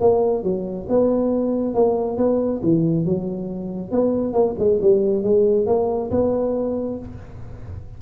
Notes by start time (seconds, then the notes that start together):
0.00 A#3
0.43 F#3
0.88 B3
1.74 A#3
2.17 B3
2.63 E3
3.05 F#3
3.91 B3
4.33 A#3
4.59 G#3
4.81 G3
5.23 G#3
5.66 A#3
6.11 B3